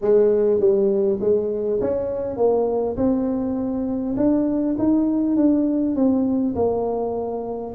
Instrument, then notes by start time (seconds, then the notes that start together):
tuba
0.01 G#3
0.59 G3
1.20 G#3
1.81 C#4
2.37 A#3
2.96 C4
4.16 D4
4.78 D#4
5.36 D4
5.95 C4
6.55 A#3